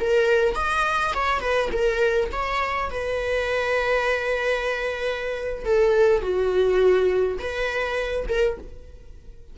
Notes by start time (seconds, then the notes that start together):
0.00 A#4
0.55 D#5
1.14 C#5
1.40 B4
1.72 A#4
2.32 C#5
2.90 B4
5.65 A4
6.21 F#4
7.38 B4
8.28 A#4